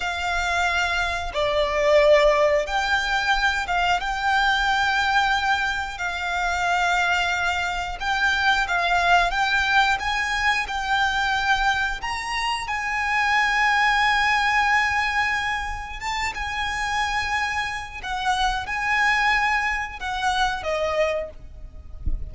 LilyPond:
\new Staff \with { instrumentName = "violin" } { \time 4/4 \tempo 4 = 90 f''2 d''2 | g''4. f''8 g''2~ | g''4 f''2. | g''4 f''4 g''4 gis''4 |
g''2 ais''4 gis''4~ | gis''1 | a''8 gis''2~ gis''8 fis''4 | gis''2 fis''4 dis''4 | }